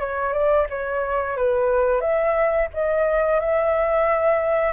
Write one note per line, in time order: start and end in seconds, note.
0.00 0.33 C#5
0.33 0.67 D5
0.69 1.37 C#5
1.37 2.01 B4
2.01 2.68 E5
2.74 3.40 D#5
3.40 4.73 E5